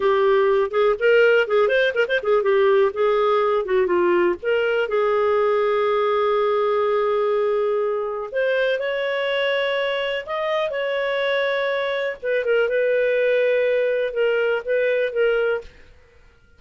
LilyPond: \new Staff \with { instrumentName = "clarinet" } { \time 4/4 \tempo 4 = 123 g'4. gis'8 ais'4 gis'8 c''8 | ais'16 c''16 gis'8 g'4 gis'4. fis'8 | f'4 ais'4 gis'2~ | gis'1~ |
gis'4 c''4 cis''2~ | cis''4 dis''4 cis''2~ | cis''4 b'8 ais'8 b'2~ | b'4 ais'4 b'4 ais'4 | }